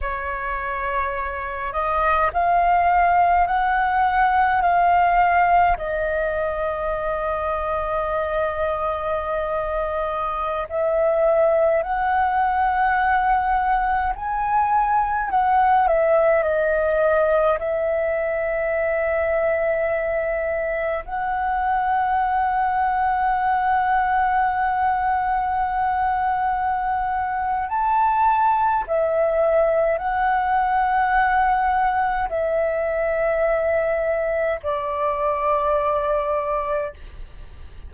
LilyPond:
\new Staff \with { instrumentName = "flute" } { \time 4/4 \tempo 4 = 52 cis''4. dis''8 f''4 fis''4 | f''4 dis''2.~ | dis''4~ dis''16 e''4 fis''4.~ fis''16~ | fis''16 gis''4 fis''8 e''8 dis''4 e''8.~ |
e''2~ e''16 fis''4.~ fis''16~ | fis''1 | a''4 e''4 fis''2 | e''2 d''2 | }